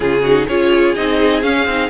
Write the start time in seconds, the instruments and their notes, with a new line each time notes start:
0.00 cello C#3, viola C#4, violin F4 G#4
0.22 viola D#4, violin F#4
0.47 cello C#4, viola F4, violin G#4 C#5
0.95 cello C4, viola D#4, violin D#5
1.42 cello C#4, viola C#4, violin F5
1.65 cello C4, viola D#4